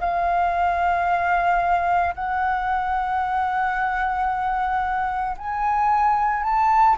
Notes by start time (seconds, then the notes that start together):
0.00 F5
2.15 F#5
5.37 G#5
6.43 A5